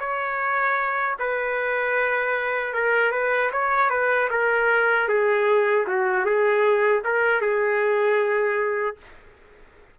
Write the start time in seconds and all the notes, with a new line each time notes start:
0.00 C#5
1.19 B4
2.74 A#4
3.12 B4
3.52 C#5
3.90 B4
4.31 A#4
5.09 G#4
5.87 F#4
6.26 G#4
7.04 A#4
7.41 G#4